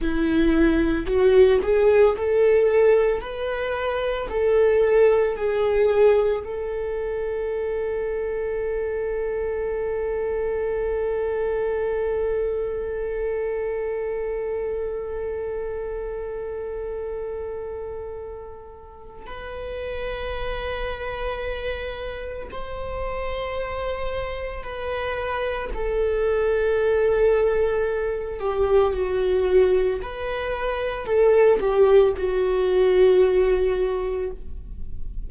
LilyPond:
\new Staff \with { instrumentName = "viola" } { \time 4/4 \tempo 4 = 56 e'4 fis'8 gis'8 a'4 b'4 | a'4 gis'4 a'2~ | a'1~ | a'1~ |
a'2 b'2~ | b'4 c''2 b'4 | a'2~ a'8 g'8 fis'4 | b'4 a'8 g'8 fis'2 | }